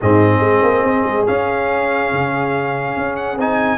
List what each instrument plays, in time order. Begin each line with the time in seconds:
0.01 tuba G#2, trombone C4, horn G#4, trumpet D#5
0.39 tuba G#3
0.63 tuba A#3
0.83 tuba C4
1.05 tuba G#3
1.26 trombone C#4, tuba C#4, trumpet F5
2.12 tuba C#3
2.96 tuba C#4
3.16 trumpet F#5
3.37 tuba C4, trombone D#4, trumpet G#5